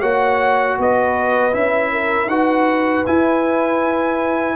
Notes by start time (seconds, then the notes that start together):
0.00 A#3 F#4 C#5 F#5
0.78 B3 B4 D#5
1.53 C#4 E4 E5
1.92 A#4
2.27 D#4 F#4 B4 F#5
3.06 E4 G#5